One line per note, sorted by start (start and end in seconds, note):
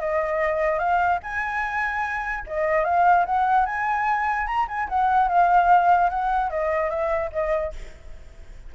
0.00 0.79 D#5
0.79 1.19 F5
1.23 2.45 G#5
2.47 2.85 D#5
2.85 3.25 F5
3.26 3.66 F#5
3.66 4.47 G#5
4.47 4.67 A#5
4.68 4.88 G#5
4.89 5.29 F#5
5.29 6.10 F5
6.10 6.50 F#5
6.50 6.90 D#5
6.90 7.30 E5
7.32 7.73 D#5